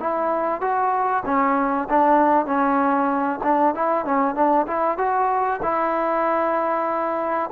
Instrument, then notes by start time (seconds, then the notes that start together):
trombone
0.00 E4
0.61 F#4
1.26 C#4
1.89 D4
2.46 C#4
3.43 D4
3.75 E4
4.05 C#4
4.35 D4
4.67 E4
4.98 F#4
5.63 E4